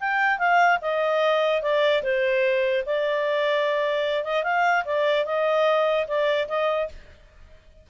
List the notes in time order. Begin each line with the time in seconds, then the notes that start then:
0.00 G5
0.39 F5
0.82 D#5
1.62 D5
2.03 C5
2.86 D5
4.24 D#5
4.44 F5
4.85 D5
5.26 D#5
6.08 D5
6.48 D#5